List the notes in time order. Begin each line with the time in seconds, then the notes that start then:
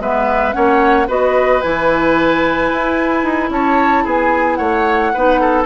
0.00 G#3 B3 B4 E5
0.52 A#3 C#4 C#5 F#5
1.08 B3 F#4 B4 D#5
1.61 E3 E4 G#5
2.73 E4
3.24 D#4
3.50 C#4 C#5 A5
4.04 B3 G#4 G#5
4.55 A3 C#5 F#5
5.14 B3 D#4 B4
5.41 A4